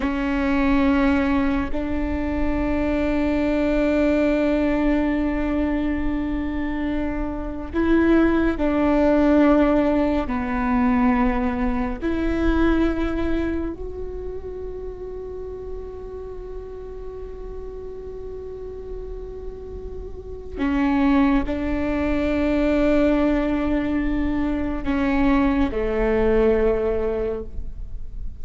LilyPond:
\new Staff \with { instrumentName = "viola" } { \time 4/4 \tempo 4 = 70 cis'2 d'2~ | d'1~ | d'4 e'4 d'2 | b2 e'2 |
fis'1~ | fis'1 | cis'4 d'2.~ | d'4 cis'4 a2 | }